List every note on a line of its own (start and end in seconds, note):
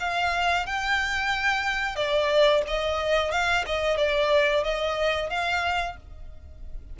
0.00 0.66 F5
0.66 1.96 G5
1.96 2.62 D5
2.67 3.32 D#5
3.32 3.65 F5
3.66 3.97 D#5
3.97 4.64 D5
4.64 5.30 D#5
5.30 5.97 F5